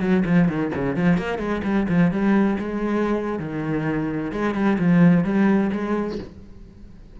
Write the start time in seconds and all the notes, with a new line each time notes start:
0.00 F#3
0.25 F3
0.48 D#3
0.75 C#3
0.96 F3
1.17 A#3
1.38 G#3
1.64 G3
1.89 F3
2.11 G3
2.59 G#3
3.39 D#3
4.31 G#3
4.54 G3
4.78 F3
5.24 G3
5.72 G#3